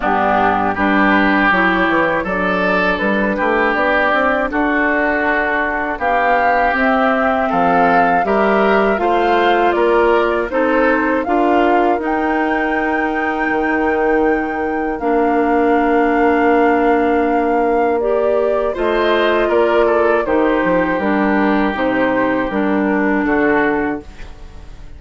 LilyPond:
<<
  \new Staff \with { instrumentName = "flute" } { \time 4/4 \tempo 4 = 80 g'4 b'4 cis''4 d''4 | b'4 d''4 a'2 | f''4 e''4 f''4 e''4 | f''4 d''4 c''4 f''4 |
g''1 | f''1 | d''4 dis''4 d''4 c''4 | ais'4 c''4 ais'4 a'4 | }
  \new Staff \with { instrumentName = "oboe" } { \time 4/4 d'4 g'2 a'4~ | a'8 g'4. fis'2 | g'2 a'4 ais'4 | c''4 ais'4 a'4 ais'4~ |
ais'1~ | ais'1~ | ais'4 c''4 ais'8 a'8 g'4~ | g'2. fis'4 | }
  \new Staff \with { instrumentName = "clarinet" } { \time 4/4 b4 d'4 e'4 d'4~ | d'1~ | d'4 c'2 g'4 | f'2 dis'4 f'4 |
dis'1 | d'1 | g'4 f'2 dis'4 | d'4 dis'4 d'2 | }
  \new Staff \with { instrumentName = "bassoon" } { \time 4/4 g,4 g4 fis8 e8 fis4 | g8 a8 b8 c'8 d'2 | b4 c'4 f4 g4 | a4 ais4 c'4 d'4 |
dis'2 dis2 | ais1~ | ais4 a4 ais4 dis8 f8 | g4 c4 g4 d4 | }
>>